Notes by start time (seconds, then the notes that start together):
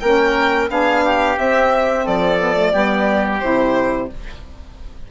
0.00 A#3 C#4 A#4 G5
0.68 B3 D4 G#4 F5
1.04 G4
1.37 C4 E5
2.05 F3 A4 D5
2.39 B3
2.55 A3
2.72 G3 B3 G4
3.39 C3 E4 C5